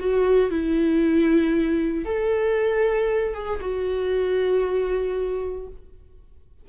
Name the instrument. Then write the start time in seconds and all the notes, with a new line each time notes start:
viola
0.00 F#4
0.51 E4
2.06 A4
3.35 G#4
3.61 F#4